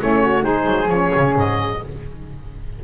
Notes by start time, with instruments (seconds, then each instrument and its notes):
0.00 double bass A3, saxophone C#4, flute E4, oboe C#5
0.22 flute F#4
0.42 double bass G#3, saxophone D#4, flute G#4, oboe C5
0.66 double bass F#3
0.88 double bass F3, saxophone C#4, oboe C#5
1.15 double bass C#3
1.36 double bass G#2, oboe D#5